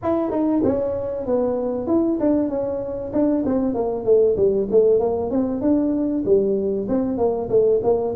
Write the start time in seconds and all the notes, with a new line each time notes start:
0.02 E4
0.31 D#4
0.63 C#4
1.26 B3
1.87 E4
2.19 D4
2.49 C#4
3.12 D4
3.45 C4
3.74 A#3
4.05 A3
4.36 G3
4.70 A3
4.99 A#3
5.30 C4
5.61 D4
6.25 G3
6.88 C4
7.17 A#3
7.49 A3
7.83 A#3